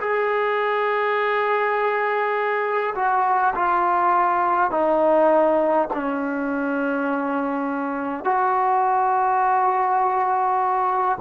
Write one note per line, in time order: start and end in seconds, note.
0.00 2.94 G#4
2.95 3.54 F#4
3.55 4.71 F4
4.71 5.88 D#4
5.93 8.24 C#4
8.24 11.18 F#4